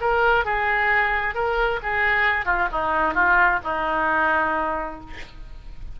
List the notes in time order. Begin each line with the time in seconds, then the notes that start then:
0.00 A#4
0.45 G#4
1.34 A#4
1.82 G#4
2.45 F4
2.71 D#4
3.14 F4
3.63 D#4